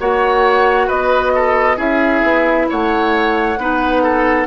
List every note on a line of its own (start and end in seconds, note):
0.00 0.90 A#3
0.00 1.77 F#4
0.00 0.87 C#5
0.00 0.89 F#5
0.87 1.77 B3
0.87 1.32 B4
0.87 1.79 D#5
1.35 1.77 A4
1.77 2.22 C#4
1.77 3.56 E4
1.77 2.67 G#4
1.77 2.69 E5
2.23 2.68 B3
2.70 3.58 A3
2.70 3.60 C#5
2.70 4.47 F#5
3.58 4.47 B3
3.58 4.47 D#4
3.58 4.03 B4
4.03 4.47 A4